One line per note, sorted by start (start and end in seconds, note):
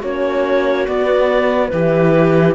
0.00 0.88 A#3
0.00 0.86 C#4
0.00 1.69 F#4
0.00 0.88 C#5
0.86 1.70 B3
0.86 1.73 B3
0.86 1.69 D5
1.69 2.56 E3
1.69 2.56 E4
1.69 2.56 G4
1.69 2.53 B4